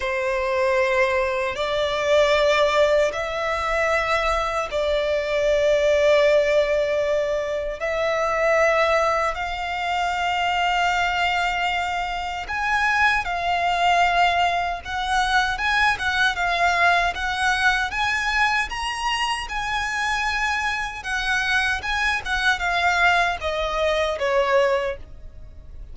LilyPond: \new Staff \with { instrumentName = "violin" } { \time 4/4 \tempo 4 = 77 c''2 d''2 | e''2 d''2~ | d''2 e''2 | f''1 |
gis''4 f''2 fis''4 | gis''8 fis''8 f''4 fis''4 gis''4 | ais''4 gis''2 fis''4 | gis''8 fis''8 f''4 dis''4 cis''4 | }